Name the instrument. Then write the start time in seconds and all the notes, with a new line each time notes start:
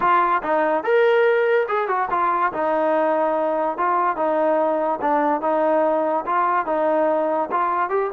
trombone
0.00 F4
0.42 D#4
0.83 A#4
1.68 G#4
1.87 F#4
2.10 F4
2.52 D#4
3.77 F4
4.16 D#4
5.01 D4
5.41 D#4
6.25 F4
6.66 D#4
7.51 F4
7.89 G4